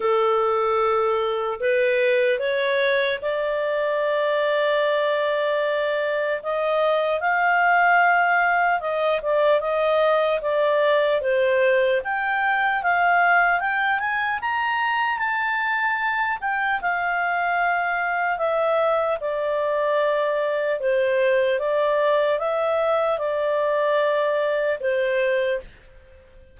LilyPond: \new Staff \with { instrumentName = "clarinet" } { \time 4/4 \tempo 4 = 75 a'2 b'4 cis''4 | d''1 | dis''4 f''2 dis''8 d''8 | dis''4 d''4 c''4 g''4 |
f''4 g''8 gis''8 ais''4 a''4~ | a''8 g''8 f''2 e''4 | d''2 c''4 d''4 | e''4 d''2 c''4 | }